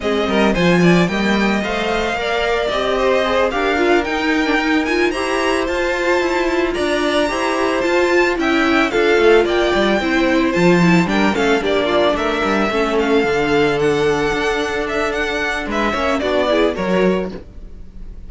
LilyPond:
<<
  \new Staff \with { instrumentName = "violin" } { \time 4/4 \tempo 4 = 111 dis''4 gis''4 g''4 f''4~ | f''4 dis''4. f''4 g''8~ | g''4 gis''8 ais''4 a''4.~ | a''8 ais''2 a''4 g''8~ |
g''8 f''4 g''2 a''8~ | a''8 g''8 f''8 d''4 e''4. | f''4. fis''2 e''8 | fis''4 e''4 d''4 cis''4 | }
  \new Staff \with { instrumentName = "violin" } { \time 4/4 gis'8 ais'8 c''8 d''8 dis''2 | d''4. c''4 ais'4.~ | ais'4. c''2~ c''8~ | c''8 d''4 c''2 e''8~ |
e''8 a'4 d''4 c''4.~ | c''8 ais'8 a'8 g'8 f'8 ais'4 a'8~ | a'1~ | a'4 b'8 cis''8 fis'8 gis'8 ais'4 | }
  \new Staff \with { instrumentName = "viola" } { \time 4/4 c'4 f'4 ais4 c''4 | ais'4 g'4 gis'8 g'8 f'8 dis'8~ | dis'16 d'16 dis'8 f'8 g'4 f'4.~ | f'4. g'4 f'4 e'8~ |
e'8 f'2 e'4 f'8 | e'8 d'8 cis'8 d'2 cis'8~ | cis'8 d'2.~ d'8~ | d'4. cis'8 d'8 e'8 fis'4 | }
  \new Staff \with { instrumentName = "cello" } { \time 4/4 gis8 g8 f4 g4 a4 | ais4 c'4. d'4 dis'8~ | dis'4. e'4 f'4 e'8~ | e'8 d'4 e'4 f'4 cis'8~ |
cis'8 d'8 a8 ais8 g8 c'4 f8~ | f8 g8 a8 ais4 a8 g8 a8~ | a8 d2 d'4.~ | d'4 gis8 ais8 b4 fis4 | }
>>